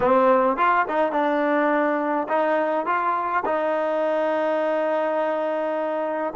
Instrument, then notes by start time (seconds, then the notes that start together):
trombone
0.00 C4
0.56 F4
0.88 D#4
1.12 D4
2.28 D#4
2.86 F4
3.45 D#4